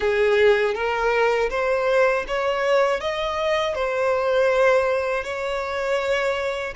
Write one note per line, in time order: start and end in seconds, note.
0.00 0.74 G#4
0.74 1.49 A#4
1.50 2.25 C5
2.27 3.00 C#5
3.00 3.74 D#5
3.74 5.23 C5
5.23 6.73 C#5